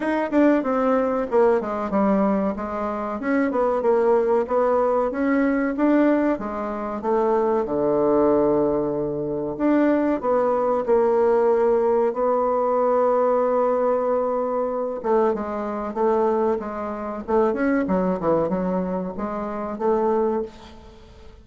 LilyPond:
\new Staff \with { instrumentName = "bassoon" } { \time 4/4 \tempo 4 = 94 dis'8 d'8 c'4 ais8 gis8 g4 | gis4 cis'8 b8 ais4 b4 | cis'4 d'4 gis4 a4 | d2. d'4 |
b4 ais2 b4~ | b2.~ b8 a8 | gis4 a4 gis4 a8 cis'8 | fis8 e8 fis4 gis4 a4 | }